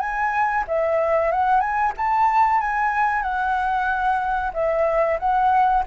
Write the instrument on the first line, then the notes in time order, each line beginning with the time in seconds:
flute
0.00 G#5
0.68 E5
1.32 F#5
1.61 G#5
1.97 A5
2.61 G#5
3.23 F#5
4.54 E5
5.19 F#5